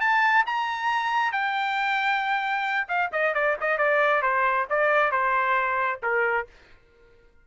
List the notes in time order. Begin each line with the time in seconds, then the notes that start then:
0.00 A5
0.46 A#5
1.32 G5
2.88 F5
3.12 D#5
3.34 D5
3.60 D#5
3.78 D5
4.22 C5
4.70 D5
5.12 C5
6.02 A#4